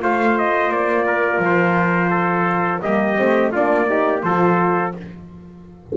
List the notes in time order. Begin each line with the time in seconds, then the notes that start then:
0.00 A3 F4 C5 F5
0.38 D#5
0.69 A#3 D5
1.06 A#4
1.38 F3 C5
2.10 A4
2.82 G3 A#3 G4 D#5
3.17 A3 C4
3.52 A#3 D4 F4 D5
3.88 D#4 G4
4.22 F3 F4 A4 C5